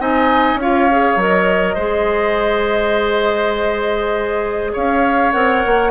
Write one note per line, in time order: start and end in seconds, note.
0.00 0.55 C4
0.00 0.60 D#4
0.00 0.60 D#5
0.00 0.60 G#5
0.55 1.14 C#4
0.55 0.91 F4
0.55 1.20 F5
0.62 1.75 C#5
0.91 1.19 G#4
1.16 1.76 F#3
1.16 1.78 A#4
1.16 4.76 D#5
1.75 4.74 G#3
1.75 5.34 G#4
1.75 4.72 C5
4.73 5.35 C#4
4.73 5.91 C#5
4.73 5.32 F5
5.32 5.65 C4
5.32 5.91 A#4
5.32 5.91 F#5
5.66 5.91 A#3